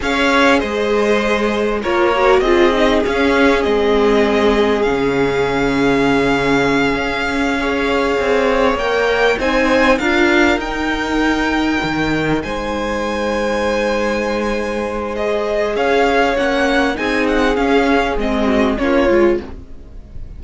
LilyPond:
<<
  \new Staff \with { instrumentName = "violin" } { \time 4/4 \tempo 4 = 99 f''4 dis''2 cis''4 | dis''4 f''4 dis''2 | f''1~ | f''2~ f''8 g''4 gis''8~ |
gis''8 f''4 g''2~ g''8~ | g''8 gis''2.~ gis''8~ | gis''4 dis''4 f''4 fis''4 | gis''8 fis''8 f''4 dis''4 cis''4 | }
  \new Staff \with { instrumentName = "violin" } { \time 4/4 cis''4 c''2 ais'4 | gis'1~ | gis'1~ | gis'8 cis''2. c''8~ |
c''8 ais'2.~ ais'8~ | ais'8 c''2.~ c''8~ | c''2 cis''2 | gis'2~ gis'8 fis'8 f'4 | }
  \new Staff \with { instrumentName = "viola" } { \time 4/4 gis'2. f'8 fis'8 | f'8 dis'8 cis'4 c'2 | cis'1~ | cis'8 gis'2 ais'4 dis'8~ |
dis'8 f'4 dis'2~ dis'8~ | dis'1~ | dis'4 gis'2 cis'4 | dis'4 cis'4 c'4 cis'8 f'8 | }
  \new Staff \with { instrumentName = "cello" } { \time 4/4 cis'4 gis2 ais4 | c'4 cis'4 gis2 | cis2.~ cis8 cis'8~ | cis'4. c'4 ais4 c'8~ |
c'8 d'4 dis'2 dis8~ | dis8 gis2.~ gis8~ | gis2 cis'4 ais4 | c'4 cis'4 gis4 ais8 gis8 | }
>>